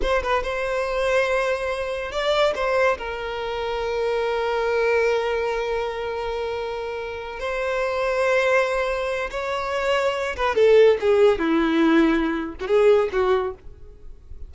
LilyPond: \new Staff \with { instrumentName = "violin" } { \time 4/4 \tempo 4 = 142 c''8 b'8 c''2.~ | c''4 d''4 c''4 ais'4~ | ais'1~ | ais'1~ |
ais'4. c''2~ c''8~ | c''2 cis''2~ | cis''8 b'8 a'4 gis'4 e'4~ | e'4.~ e'16 fis'16 gis'4 fis'4 | }